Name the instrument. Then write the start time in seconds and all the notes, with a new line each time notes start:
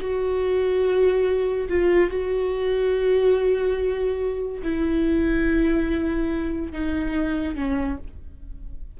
viola
0.00 F#4
1.68 F4
2.10 F#4
4.62 E4
6.72 D#4
7.55 C#4